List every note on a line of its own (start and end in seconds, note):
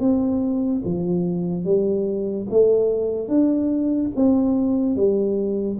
0.00 0.82 C4
0.84 1.65 F3
1.65 2.47 G3
2.50 3.28 A3
3.28 4.11 D4
4.16 4.96 C4
4.96 5.78 G3